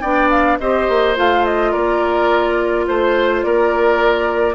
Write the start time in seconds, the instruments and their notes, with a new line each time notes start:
0.00 bassoon B3, clarinet D4, oboe D5, flute G5
0.29 flute F5
0.59 bassoon C4, clarinet G4, oboe C5, flute D#5
0.88 bassoon A#3
1.15 bassoon A3, clarinet F4, flute F5
1.45 flute D#5
1.71 bassoon A#3, oboe A#4, flute D5
2.87 bassoon A3, flute C5, oboe C5
3.42 bassoon A#3, oboe A#4, flute D5